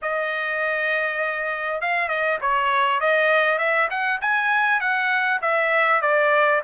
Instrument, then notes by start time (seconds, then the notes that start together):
trumpet
0.02 D#5
1.81 F5
2.08 D#5
2.41 C#5
3.00 D#5
3.58 E5
3.90 F#5
4.21 G#5
4.80 F#5
5.41 E5
6.01 D5